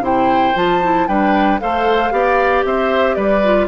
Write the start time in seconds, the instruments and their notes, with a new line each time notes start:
0.00 bassoon C3, clarinet E4, oboe C5, flute G5
0.55 bassoon F3, clarinet F4, flute A5
0.82 clarinet E4
1.07 bassoon G3, clarinet D4, oboe B4, flute G5
1.60 bassoon A3, clarinet A4, oboe C5, flute F5
2.11 bassoon B3, clarinet G4, oboe D5
2.65 bassoon C4, oboe C5, flute E5
3.15 bassoon G3, oboe B4, flute D5
3.44 clarinet F4